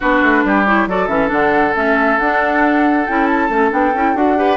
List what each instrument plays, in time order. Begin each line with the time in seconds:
0.00 bassoon B3, clarinet D4, oboe F#4, flute B4
0.22 bassoon A3
0.44 bassoon G3, oboe G4
0.65 clarinet E4, flute C#5
0.86 bassoon F#3, clarinet F#4, oboe A4, flute D5
1.07 bassoon E3, clarinet C#4, flute E5
1.27 bassoon D3, clarinet D4, flute F#5
1.74 bassoon A3, clarinet C#4, flute E5
2.18 bassoon D4, clarinet D4, flute F#5
3.06 bassoon C#4, clarinet E4, flute G5
3.27 flute A5
3.49 bassoon A3, clarinet C#4
3.70 bassoon B3, clarinet D4, flute G5
3.94 bassoon C#4, clarinet E4
4.14 bassoon D4, clarinet F#4, flute F#5
4.36 clarinet G4, oboe B4